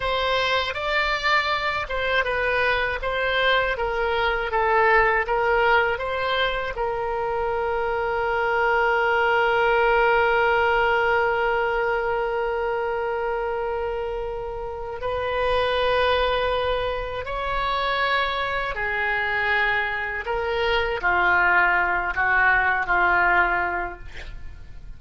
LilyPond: \new Staff \with { instrumentName = "oboe" } { \time 4/4 \tempo 4 = 80 c''4 d''4. c''8 b'4 | c''4 ais'4 a'4 ais'4 | c''4 ais'2.~ | ais'1~ |
ais'1 | b'2. cis''4~ | cis''4 gis'2 ais'4 | f'4. fis'4 f'4. | }